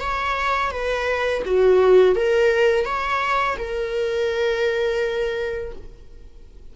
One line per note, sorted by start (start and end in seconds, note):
0.00 0.71 C#5
0.71 1.43 B4
1.45 2.16 F#4
2.16 2.85 A#4
2.85 3.56 C#5
3.58 5.72 A#4